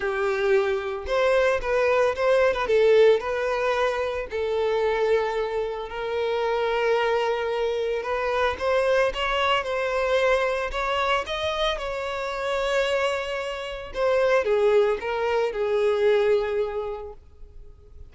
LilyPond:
\new Staff \with { instrumentName = "violin" } { \time 4/4 \tempo 4 = 112 g'2 c''4 b'4 | c''8. b'16 a'4 b'2 | a'2. ais'4~ | ais'2. b'4 |
c''4 cis''4 c''2 | cis''4 dis''4 cis''2~ | cis''2 c''4 gis'4 | ais'4 gis'2. | }